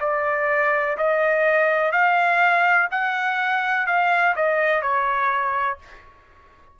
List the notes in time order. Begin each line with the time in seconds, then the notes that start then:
0.00 D5
0.97 D#5
1.91 F5
2.91 F#5
3.86 F5
4.35 D#5
4.81 C#5